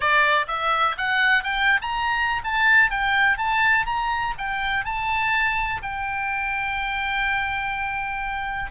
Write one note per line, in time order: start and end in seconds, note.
0.00 0.46 D5
0.47 0.96 E5
0.97 1.43 F#5
1.43 1.79 G5
1.81 2.42 A#5
2.43 2.90 A5
2.90 3.37 G5
3.37 3.86 A5
3.86 4.34 A#5
4.38 4.84 G5
4.84 5.81 A5
5.82 8.71 G5